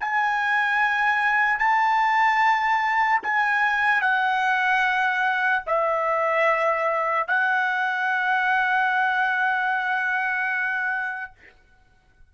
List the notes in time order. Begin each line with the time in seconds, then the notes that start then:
0.00 G#5
1.58 A5
3.22 G#5
4.01 F#5
5.66 E5
7.27 F#5